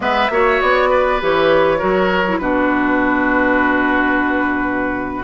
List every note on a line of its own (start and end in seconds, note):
0.00 0.28 G#3
0.00 0.29 B3
0.00 0.31 B4
0.00 0.61 E5
0.29 0.59 A#3
0.29 1.20 F#4
0.29 0.89 C#5
0.61 1.21 B3
0.61 1.21 D5
0.89 1.78 B4
1.20 1.81 E3
1.20 1.78 G4
1.20 2.38 C#5
1.78 2.39 F#3
1.78 2.23 F#4
1.78 2.38 A#4
2.28 2.40 E4
2.38 5.24 B2
2.38 5.24 D4
2.38 5.24 F#4
2.38 5.23 B4